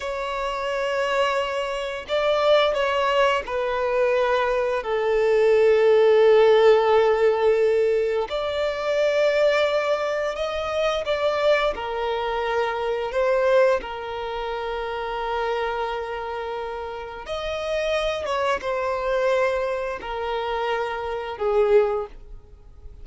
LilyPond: \new Staff \with { instrumentName = "violin" } { \time 4/4 \tempo 4 = 87 cis''2. d''4 | cis''4 b'2 a'4~ | a'1 | d''2. dis''4 |
d''4 ais'2 c''4 | ais'1~ | ais'4 dis''4. cis''8 c''4~ | c''4 ais'2 gis'4 | }